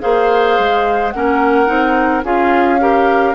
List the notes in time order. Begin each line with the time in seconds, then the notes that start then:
0.00 A#3 G#4 C5 F5
0.59 G#3
1.10 A#3 C#4 A#4 F#5
1.66 C4 D#4
2.23 C#4 F4 G#4 F5
2.79 G4 A#4